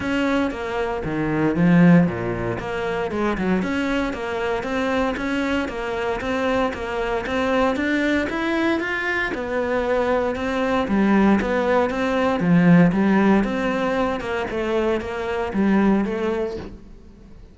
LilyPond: \new Staff \with { instrumentName = "cello" } { \time 4/4 \tempo 4 = 116 cis'4 ais4 dis4 f4 | ais,4 ais4 gis8 fis8 cis'4 | ais4 c'4 cis'4 ais4 | c'4 ais4 c'4 d'4 |
e'4 f'4 b2 | c'4 g4 b4 c'4 | f4 g4 c'4. ais8 | a4 ais4 g4 a4 | }